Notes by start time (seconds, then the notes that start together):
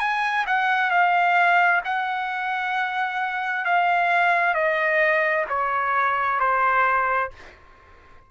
0.00 G#5
0.47 F#5
0.91 F5
1.85 F#5
3.65 F5
4.55 D#5
5.50 C#5
6.40 C5